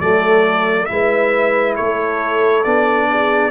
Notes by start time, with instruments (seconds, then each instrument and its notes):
0.00 tuba F#3, trombone A3, horn A4, trumpet D5
0.86 tuba G#3, trombone E4, trumpet E5
0.92 horn B4
1.76 tuba A3, horn A4, trumpet C#5
2.64 tuba B3, trombone D4, trumpet D5
3.10 horn G#4